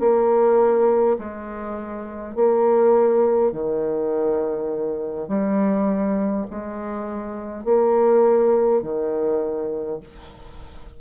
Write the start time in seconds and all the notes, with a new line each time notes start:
0.00 A#3
1.19 G#3
2.36 A#3
3.52 D#3
5.28 G3
6.50 G#3
7.65 A#3
8.82 D#3